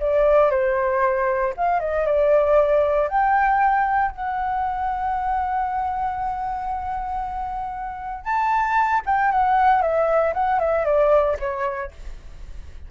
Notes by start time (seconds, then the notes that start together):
0.00 D5
0.51 C5
1.57 F5
1.80 D#5
2.06 D5
3.09 G5
4.12 F#5
8.25 A5
9.06 G5
9.32 F#5
9.82 E5
10.34 F#5
10.60 E5
10.86 D5
11.40 C#5